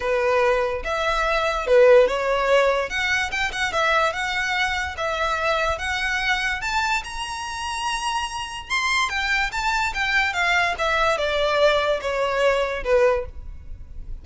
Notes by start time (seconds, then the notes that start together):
0.00 B4
0.84 E5
1.66 B4
2.07 C#5
2.89 F#5
3.31 G5
3.52 F#5
3.72 E5
4.13 F#5
4.97 E5
5.78 F#5
6.61 A5
7.03 A#5
8.69 C6
9.09 G5
9.52 A5
9.93 G5
10.33 F5
10.78 E5
11.17 D5
12.01 C#5
12.84 B4